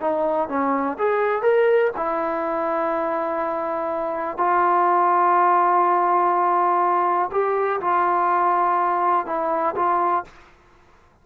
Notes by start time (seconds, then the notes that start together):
0.00 D#4
0.48 C#4
0.98 G#4
1.42 A#4
1.96 E4
4.37 F4
7.31 G4
7.80 F4
9.26 E4
9.75 F4